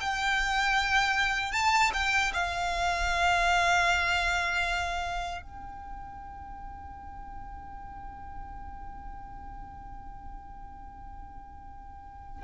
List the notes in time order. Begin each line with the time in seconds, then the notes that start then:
0.00 G5
1.52 A5
1.93 G5
2.33 F5
5.42 G5